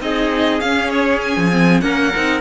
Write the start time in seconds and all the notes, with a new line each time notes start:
0.00 C4 D#4 G#4 D#5
0.60 C#4 F5
0.90 C#5
1.21 G#5
1.36 F3
1.51 C4
1.80 A#3 C#4 A#4 F#5
2.15 C4 D#4